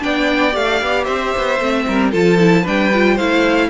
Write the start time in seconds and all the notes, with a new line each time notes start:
0.00 B3 D4 D5 G5
0.52 A3 G4 F5
0.82 B3
1.04 C4 C5 E5
1.37 B3
1.60 A3 C4
1.88 G3 A#4
2.11 F3 F4 A4 A5
2.39 E4
2.62 G3 D4 B4 G5
2.94 F4
3.15 A3 E4 C5 F5